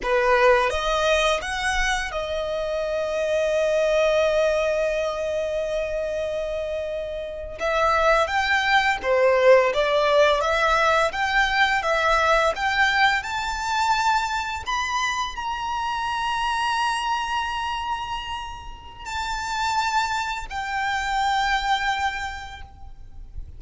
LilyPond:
\new Staff \with { instrumentName = "violin" } { \time 4/4 \tempo 4 = 85 b'4 dis''4 fis''4 dis''4~ | dis''1~ | dis''2~ dis''8. e''4 g''16~ | g''8. c''4 d''4 e''4 g''16~ |
g''8. e''4 g''4 a''4~ a''16~ | a''8. b''4 ais''2~ ais''16~ | ais''2. a''4~ | a''4 g''2. | }